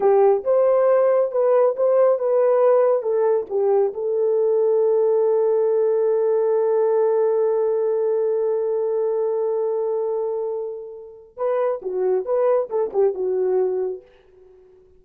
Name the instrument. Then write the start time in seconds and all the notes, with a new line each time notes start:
horn
0.00 G4
0.44 C5
1.31 B4
1.76 C5
2.18 B4
3.02 A4
3.49 G4
3.93 A4
11.36 B4
11.82 F#4
12.25 B4
12.69 A4
12.93 G4
13.14 F#4